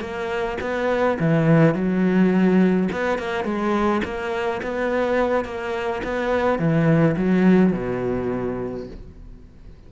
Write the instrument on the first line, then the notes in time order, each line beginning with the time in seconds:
cello
0.00 A#3
0.60 B3
1.19 E3
1.74 F#3
2.91 B3
3.18 A#3
3.44 G#3
4.04 A#3
4.62 B3
5.44 A#3
6.03 B3
6.58 E3
7.16 F#3
7.72 B2